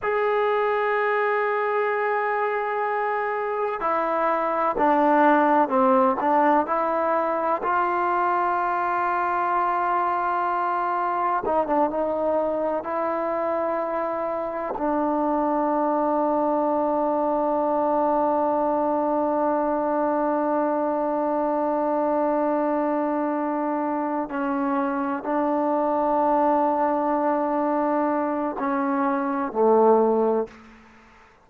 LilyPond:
\new Staff \with { instrumentName = "trombone" } { \time 4/4 \tempo 4 = 63 gis'1 | e'4 d'4 c'8 d'8 e'4 | f'1 | dis'16 d'16 dis'4 e'2 d'8~ |
d'1~ | d'1~ | d'4. cis'4 d'4.~ | d'2 cis'4 a4 | }